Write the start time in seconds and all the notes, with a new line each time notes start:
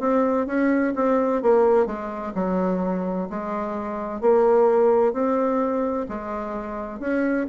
0.00 C4
0.47 C#4
0.96 C4
1.43 A#3
1.87 G#3
2.35 F#3
3.30 G#3
4.21 A#3
5.13 C4
6.09 G#3
7.01 C#4